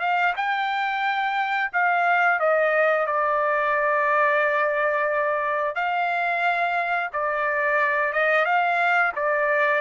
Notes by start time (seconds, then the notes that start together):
0.00 F5
0.36 G5
1.73 F5
2.40 D#5
3.06 D5
5.75 F5
7.13 D5
8.13 D#5
8.45 F5
9.15 D5